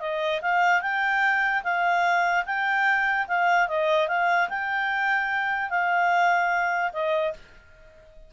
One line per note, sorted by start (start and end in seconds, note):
0.00 0.41 D#5
0.41 0.81 F5
0.81 1.63 G5
1.64 2.45 F5
2.45 3.27 G5
3.27 3.68 F5
3.68 4.08 D#5
4.08 4.49 F5
4.49 5.70 G5
5.70 6.92 F5
6.93 7.33 D#5